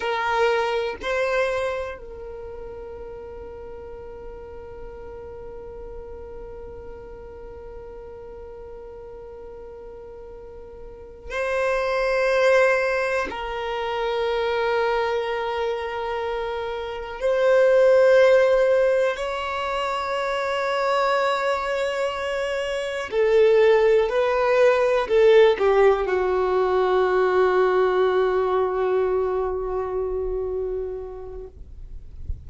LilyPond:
\new Staff \with { instrumentName = "violin" } { \time 4/4 \tempo 4 = 61 ais'4 c''4 ais'2~ | ais'1~ | ais'2.~ ais'8 c''8~ | c''4. ais'2~ ais'8~ |
ais'4. c''2 cis''8~ | cis''2.~ cis''8 a'8~ | a'8 b'4 a'8 g'8 fis'4.~ | fis'1 | }